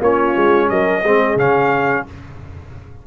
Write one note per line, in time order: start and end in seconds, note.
0.00 0.34 A#3
0.00 1.04 C#4
0.00 0.68 F4
0.00 0.69 C#5
0.36 0.70 G#3
0.69 1.03 F#3
0.69 1.01 A#4
0.69 1.37 D#5
1.01 1.35 G#3
1.01 1.38 C4
1.01 2.03 G#4
1.35 2.04 C#3
1.35 2.06 C#4
1.35 2.07 F5